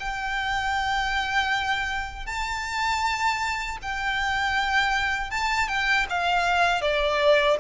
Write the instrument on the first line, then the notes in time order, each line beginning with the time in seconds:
violin
0.00 G5
2.26 A5
3.83 G5
5.31 A5
5.68 G5
6.09 F5
6.82 D5